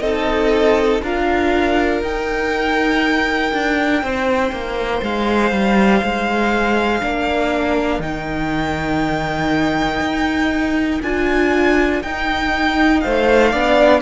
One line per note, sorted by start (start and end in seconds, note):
0.00 1.01 C4
0.00 1.01 D#4
0.00 1.02 A4
0.00 1.00 D#5
1.02 2.02 D4
1.02 2.02 F4
1.02 4.04 A#4
1.02 2.03 F5
2.02 3.52 D#4
2.02 7.01 D#4
2.02 5.03 G5
3.53 4.03 D4
4.03 4.52 C4
4.03 7.03 C5
4.52 5.02 A#3
5.02 5.52 G#3
5.02 8.02 F5
5.52 6.02 G3
6.02 7.02 G#3
7.01 7.99 A#3
7.01 8.01 D4
7.01 13.03 A#4
7.99 9.99 D#3
7.99 11.01 D#4
7.99 11.02 G5
10.00 11.00 D#4
11.02 12.02 D4
11.02 12.04 F4
11.02 12.03 G#5
12.03 13.03 D#4
12.03 13.54 D#4
12.03 13.00 G5
13.00 13.53 A3
13.00 13.51 C5
13.00 14.00 F5
13.51 14.02 B3
13.51 14.02 D4
13.51 14.01 D5